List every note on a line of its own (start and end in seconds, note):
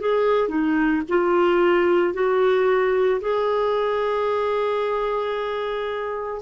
0.00 0.49 G#4
0.49 1.02 D#4
1.09 2.14 F4
2.14 3.21 F#4
3.21 6.42 G#4